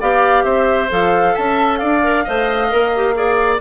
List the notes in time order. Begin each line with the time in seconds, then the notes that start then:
0.00 B3 G4 D5 F5
0.44 C4 C5 E5
0.89 F3 A4 F5
1.34 C#4 E5 A5
1.77 D4 D5 F5
2.03 A#4
2.24 A3 C5 D#5
2.69 A#3 A#4
2.95 G4
3.14 G#4 D5